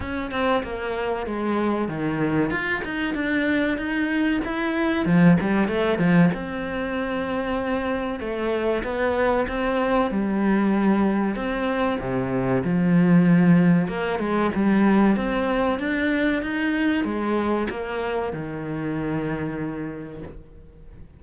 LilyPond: \new Staff \with { instrumentName = "cello" } { \time 4/4 \tempo 4 = 95 cis'8 c'8 ais4 gis4 dis4 | f'8 dis'8 d'4 dis'4 e'4 | f8 g8 a8 f8 c'2~ | c'4 a4 b4 c'4 |
g2 c'4 c4 | f2 ais8 gis8 g4 | c'4 d'4 dis'4 gis4 | ais4 dis2. | }